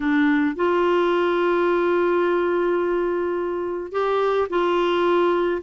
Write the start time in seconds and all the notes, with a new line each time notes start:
0.00 D4
0.55 F4
3.92 G4
4.49 F4